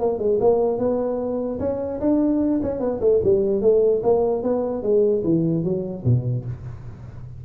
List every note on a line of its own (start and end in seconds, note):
0.00 0.19 A#3
0.19 0.39 G#3
0.40 0.78 A#3
0.78 1.59 B3
1.60 2.00 C#4
2.00 2.61 D4
2.63 2.80 C#4
2.80 3.00 B3
3.01 3.21 A3
3.23 3.62 G3
3.62 4.02 A3
4.03 4.43 A#3
4.43 4.82 B3
4.82 5.23 G#3
5.24 5.64 E3
5.64 6.04 F#3
6.05 6.45 B2